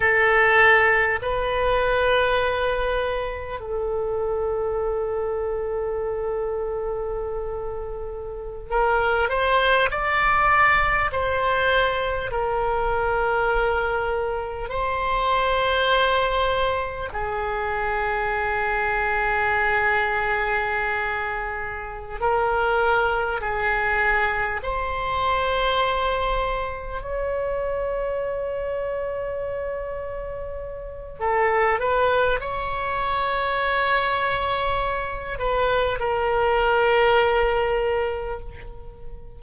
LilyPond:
\new Staff \with { instrumentName = "oboe" } { \time 4/4 \tempo 4 = 50 a'4 b'2 a'4~ | a'2.~ a'16 ais'8 c''16~ | c''16 d''4 c''4 ais'4.~ ais'16~ | ais'16 c''2 gis'4.~ gis'16~ |
gis'2~ gis'8 ais'4 gis'8~ | gis'8 c''2 cis''4.~ | cis''2 a'8 b'8 cis''4~ | cis''4. b'8 ais'2 | }